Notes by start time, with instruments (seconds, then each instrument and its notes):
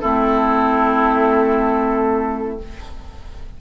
0.00 bassoon A3, clarinet C4, oboe E4, flute A4